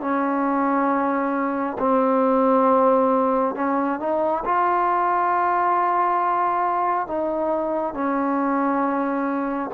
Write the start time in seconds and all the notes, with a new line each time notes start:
0.00 C#4
1.78 C4
3.55 C#4
3.99 D#4
4.44 F4
7.07 D#4
7.94 C#4